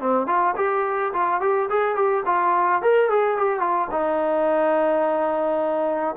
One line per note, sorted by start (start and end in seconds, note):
0.00 0.27 C4
0.27 0.55 F4
0.56 1.12 G4
1.13 1.41 F4
1.41 1.69 G4
1.69 1.95 G#4
1.95 2.23 G4
2.26 2.82 F4
2.82 3.09 A#4
3.09 3.37 G#4
3.37 3.60 G4
3.60 3.88 F4
3.91 6.16 D#4